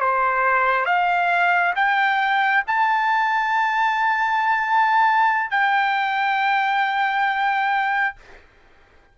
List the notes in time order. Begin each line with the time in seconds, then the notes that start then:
0.00 C5
0.85 F5
1.75 G5
2.67 A5
5.50 G5